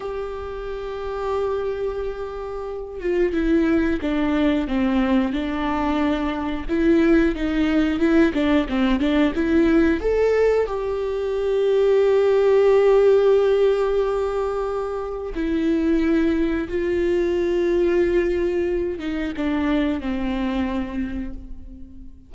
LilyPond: \new Staff \with { instrumentName = "viola" } { \time 4/4 \tempo 4 = 90 g'1~ | g'8 f'8 e'4 d'4 c'4 | d'2 e'4 dis'4 | e'8 d'8 c'8 d'8 e'4 a'4 |
g'1~ | g'2. e'4~ | e'4 f'2.~ | f'8 dis'8 d'4 c'2 | }